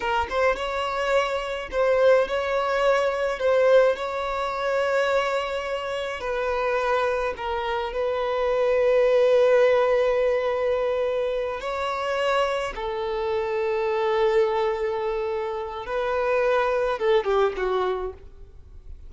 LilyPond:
\new Staff \with { instrumentName = "violin" } { \time 4/4 \tempo 4 = 106 ais'8 c''8 cis''2 c''4 | cis''2 c''4 cis''4~ | cis''2. b'4~ | b'4 ais'4 b'2~ |
b'1~ | b'8 cis''2 a'4.~ | a'1 | b'2 a'8 g'8 fis'4 | }